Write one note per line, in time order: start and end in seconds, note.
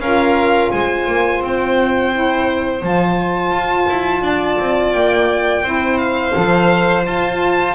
0.00 0.71 C#4
0.00 2.12 F4
0.00 0.72 A#4
0.00 0.72 F5
0.72 1.07 G#3
0.72 4.24 C5
0.72 1.42 G#5
1.07 1.41 A#3
1.41 2.83 C4
1.41 2.84 G5
2.12 2.82 E4
2.82 3.52 F3
2.82 5.64 F4
2.82 4.93 A5
3.52 3.87 F4
3.89 4.22 E4
4.22 4.58 D4
4.22 5.63 D5
4.60 4.94 C4
4.93 5.63 A#3
4.93 5.98 G5
5.63 6.34 C4
5.63 6.33 E4
5.63 7.75 C5
5.98 7.04 F5
6.33 7.07 F3
6.33 7.04 A4
7.06 7.75 F4
7.06 7.75 A5